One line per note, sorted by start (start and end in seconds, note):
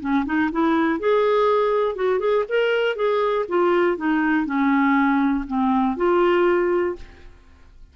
0.00 0.25 C#4
0.25 0.50 D#4
0.52 0.99 E4
0.99 1.95 G#4
1.95 2.19 F#4
2.19 2.44 G#4
2.48 2.96 A#4
2.96 3.45 G#4
3.48 3.97 F4
3.97 4.45 D#4
4.45 5.45 C#4
5.47 5.96 C4
5.96 6.96 F4